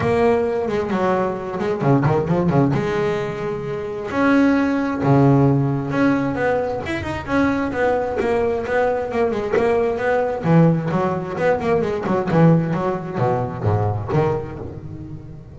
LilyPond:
\new Staff \with { instrumentName = "double bass" } { \time 4/4 \tempo 4 = 132 ais4. gis8 fis4. gis8 | cis8 dis8 f8 cis8 gis2~ | gis4 cis'2 cis4~ | cis4 cis'4 b4 e'8 dis'8 |
cis'4 b4 ais4 b4 | ais8 gis8 ais4 b4 e4 | fis4 b8 ais8 gis8 fis8 e4 | fis4 b,4 gis,4 dis4 | }